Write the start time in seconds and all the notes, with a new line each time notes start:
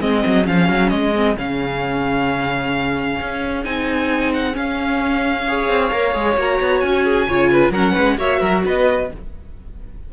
0.00 G#3 C4 G#4 D#5
0.26 F#3
0.45 F3 C#4 F5
0.69 F#3
0.90 G#3 D#5
1.16 C4
1.37 C#3 C#4 F5
3.21 C#4
3.64 C4 D#4 G#5
4.33 F#5
4.54 C#4 F5
5.47 G#4 C#5
5.69 C4
5.92 A#3 A#4
6.13 G#3 G#4
6.37 A#3 F#4 A#5
6.61 B3
6.81 C#4 G#5
7.04 G#4
7.29 C#3 F4 C#5
7.52 B4
7.71 F#3 C#4 A#4 F#5
7.93 G#3 B4
8.18 A#3 F#4 C#5 E5
8.41 F#3 A#4
8.66 B3 B4 D#5